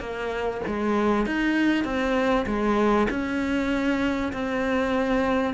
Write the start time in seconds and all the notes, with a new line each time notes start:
0.00 A#3
0.67 G#3
1.26 D#4
1.84 C4
2.46 G#3
3.10 C#4
4.32 C4